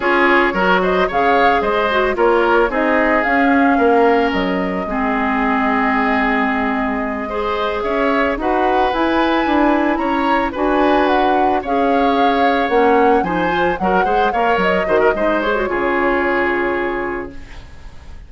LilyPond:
<<
  \new Staff \with { instrumentName = "flute" } { \time 4/4 \tempo 4 = 111 cis''4. dis''8 f''4 dis''4 | cis''4 dis''4 f''2 | dis''1~ | dis''2~ dis''8 e''4 fis''8~ |
fis''8 gis''2 ais''4 gis''8~ | gis''8 fis''4 f''2 fis''8~ | fis''8 gis''4 fis''4 f''8 dis''4~ | dis''8 cis''2.~ cis''8 | }
  \new Staff \with { instrumentName = "oboe" } { \time 4/4 gis'4 ais'8 c''8 cis''4 c''4 | ais'4 gis'2 ais'4~ | ais'4 gis'2.~ | gis'4. c''4 cis''4 b'8~ |
b'2~ b'8 cis''4 b'8~ | b'4. cis''2~ cis''8~ | cis''8 c''4 ais'8 c''8 cis''4 c''16 ais'16 | c''4 gis'2. | }
  \new Staff \with { instrumentName = "clarinet" } { \time 4/4 f'4 fis'4 gis'4. fis'8 | f'4 dis'4 cis'2~ | cis'4 c'2.~ | c'4. gis'2 fis'8~ |
fis'8 e'2. fis'8~ | fis'4. gis'2 cis'8~ | cis'8 dis'8 f'8 fis'8 gis'8 ais'4 fis'8 | dis'8 gis'16 fis'16 f'2. | }
  \new Staff \with { instrumentName = "bassoon" } { \time 4/4 cis'4 fis4 cis4 gis4 | ais4 c'4 cis'4 ais4 | fis4 gis2.~ | gis2~ gis8 cis'4 dis'8~ |
dis'8 e'4 d'4 cis'4 d'8~ | d'4. cis'2 ais8~ | ais8 f4 fis8 gis8 ais8 fis8 dis8 | gis4 cis2. | }
>>